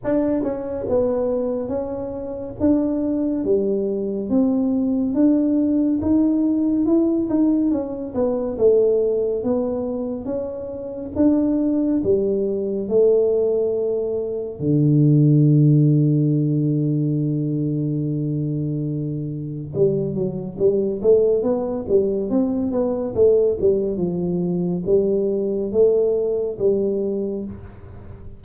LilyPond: \new Staff \with { instrumentName = "tuba" } { \time 4/4 \tempo 4 = 70 d'8 cis'8 b4 cis'4 d'4 | g4 c'4 d'4 dis'4 | e'8 dis'8 cis'8 b8 a4 b4 | cis'4 d'4 g4 a4~ |
a4 d2.~ | d2. g8 fis8 | g8 a8 b8 g8 c'8 b8 a8 g8 | f4 g4 a4 g4 | }